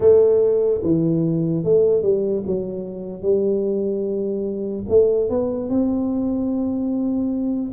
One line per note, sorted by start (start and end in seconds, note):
0.00 0.81 A3
0.83 1.64 E3
1.64 2.02 A3
2.02 2.43 G3
2.46 3.21 F#3
3.21 4.84 G3
4.89 5.29 A3
5.29 5.69 B3
5.69 7.72 C4